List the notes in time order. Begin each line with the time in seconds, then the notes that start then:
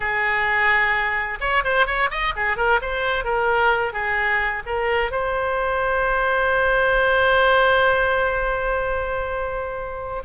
0.00 G#4
1.40 C#5
1.64 C5
1.86 C#5
2.10 D#5
2.36 G#4
2.56 A#4
2.81 C5
3.24 A#4
3.93 G#4
4.66 A#4
5.11 C5